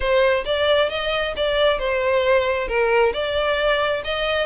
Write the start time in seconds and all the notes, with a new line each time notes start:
0.00 C5
0.45 D5
0.89 D#5
1.36 D5
1.78 C5
2.67 A#4
3.13 D5
4.04 D#5